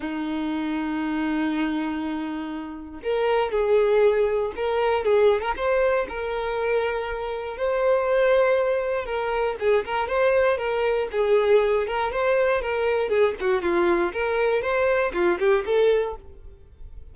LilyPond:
\new Staff \with { instrumentName = "violin" } { \time 4/4 \tempo 4 = 119 dis'1~ | dis'2 ais'4 gis'4~ | gis'4 ais'4 gis'8. ais'16 c''4 | ais'2. c''4~ |
c''2 ais'4 gis'8 ais'8 | c''4 ais'4 gis'4. ais'8 | c''4 ais'4 gis'8 fis'8 f'4 | ais'4 c''4 f'8 g'8 a'4 | }